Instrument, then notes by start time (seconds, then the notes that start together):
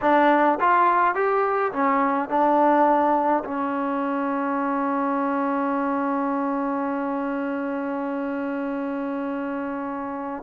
trombone
0.01 D4
0.59 F4
1.14 G4
1.72 C#4
2.29 D4
3.44 C#4